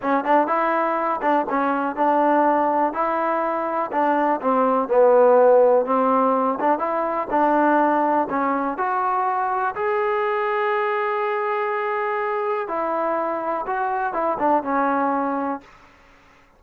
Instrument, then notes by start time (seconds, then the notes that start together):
trombone
0.02 C#4
0.24 D4
0.47 E4
1.21 D4
1.49 C#4
1.95 D4
2.93 E4
3.91 D4
4.41 C4
4.88 B3
5.85 C4
6.60 D4
6.78 E4
7.30 D4
8.29 C#4
8.77 F#4
9.75 G#4
12.67 E4
13.66 F#4
14.13 E4
14.38 D4
14.63 C#4